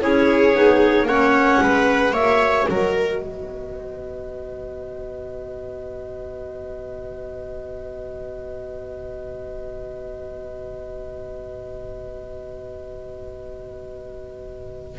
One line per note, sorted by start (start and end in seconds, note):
0.00 0.55 C#4
0.00 0.53 E4
0.00 1.08 G#4
0.00 1.07 C#5
0.53 1.03 B3
0.53 1.06 D#4
1.03 1.56 A#3
1.03 2.12 C#4
1.03 1.62 C#5
1.03 2.14 F#5
1.62 2.11 G#3
1.62 2.13 B4
2.11 2.65 A#3
2.11 14.98 F#4
2.11 2.67 C#5
2.11 2.67 E5
2.67 3.22 F#3
2.67 3.22 A#4
2.67 14.99 D#5
3.22 14.99 B3
3.22 14.99 B4